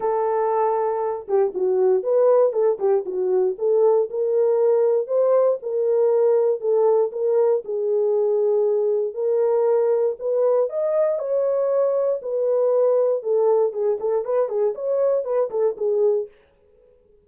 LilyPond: \new Staff \with { instrumentName = "horn" } { \time 4/4 \tempo 4 = 118 a'2~ a'8 g'8 fis'4 | b'4 a'8 g'8 fis'4 a'4 | ais'2 c''4 ais'4~ | ais'4 a'4 ais'4 gis'4~ |
gis'2 ais'2 | b'4 dis''4 cis''2 | b'2 a'4 gis'8 a'8 | b'8 gis'8 cis''4 b'8 a'8 gis'4 | }